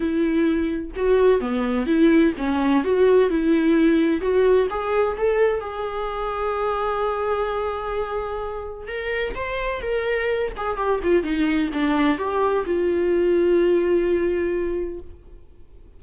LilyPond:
\new Staff \with { instrumentName = "viola" } { \time 4/4 \tempo 4 = 128 e'2 fis'4 b4 | e'4 cis'4 fis'4 e'4~ | e'4 fis'4 gis'4 a'4 | gis'1~ |
gis'2. ais'4 | c''4 ais'4. gis'8 g'8 f'8 | dis'4 d'4 g'4 f'4~ | f'1 | }